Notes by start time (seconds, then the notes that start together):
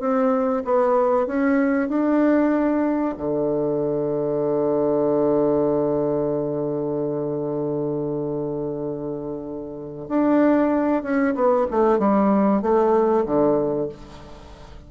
0.00 C4
0.65 B3
1.27 C#4
1.89 D4
3.17 D3
10.09 D4
11.03 C#4
11.35 B3
11.71 A3
11.99 G3
12.62 A3
13.26 D3